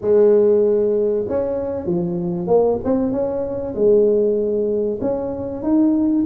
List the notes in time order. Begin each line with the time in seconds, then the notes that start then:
0.01 G#3
1.28 C#4
1.86 F3
2.47 A#3
2.84 C4
3.12 C#4
3.74 G#3
5.01 C#4
5.62 D#4